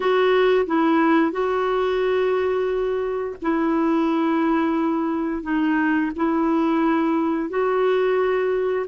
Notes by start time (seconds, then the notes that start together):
0.00 F#4
0.66 E4
1.31 F#4
3.42 E4
5.42 D#4
6.15 E4
7.49 F#4